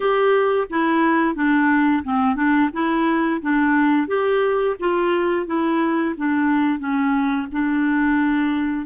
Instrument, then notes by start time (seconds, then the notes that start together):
clarinet
0.00 G4
0.70 E4
1.35 D4
2.04 C4
2.35 D4
2.73 E4
3.41 D4
4.07 G4
4.79 F4
5.46 E4
6.17 D4
6.79 C#4
7.52 D4